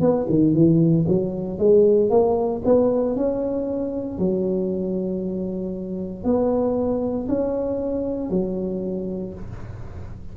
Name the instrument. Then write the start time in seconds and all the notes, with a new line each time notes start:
tuba
0.00 B3
0.29 D#3
0.54 E3
1.08 F#3
1.58 G#3
2.10 A#3
2.64 B3
3.16 C#4
4.18 F#3
6.24 B3
7.28 C#4
8.29 F#3